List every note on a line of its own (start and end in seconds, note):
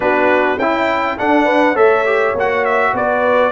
0.00 0.58 B3
0.00 0.58 D4
0.00 0.58 F#4
0.00 0.59 B4
0.58 1.16 C#4
0.58 1.17 E4
0.58 1.18 E4
0.58 1.17 G5
1.18 1.75 D4
1.18 1.44 A4
1.18 1.76 F#5
1.44 1.73 B4
1.73 2.34 A3
1.73 2.04 A4
1.73 2.91 C#5
1.73 2.35 E5
2.05 2.34 G4
2.34 2.93 A#3
2.34 3.52 F#4
2.34 2.65 F#5
2.65 2.94 E5
2.93 3.52 B3
2.93 3.52 B4
2.93 3.52 D5